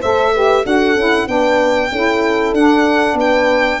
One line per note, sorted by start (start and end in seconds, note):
0.00 0.65 A3
0.00 0.34 A4
0.00 0.32 C5
0.00 0.65 E5
0.33 0.63 G4
0.33 0.65 B4
0.63 0.95 D4
0.63 0.95 F#4
0.63 1.28 A4
0.63 1.27 F#5
0.95 1.27 C#4
0.95 1.26 E4
1.26 1.90 B3
1.26 1.89 D4
1.26 1.91 B4
1.26 2.54 G5
1.91 2.52 C#4
1.91 2.55 E4
1.91 3.17 A4
2.52 3.14 D4
2.52 3.80 D4
2.52 3.17 F#5
3.14 3.77 B3
3.14 3.80 B4
3.14 3.80 G5